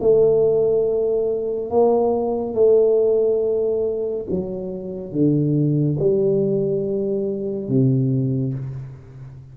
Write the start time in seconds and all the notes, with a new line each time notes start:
0.00 A3
1.70 A#3
2.54 A3
4.30 F#3
5.12 D3
5.99 G3
7.68 C3